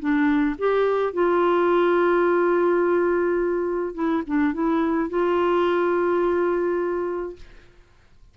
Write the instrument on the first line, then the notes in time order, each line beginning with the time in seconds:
clarinet
0.00 D4
0.59 G4
1.13 F4
3.95 E4
4.27 D4
4.54 E4
5.10 F4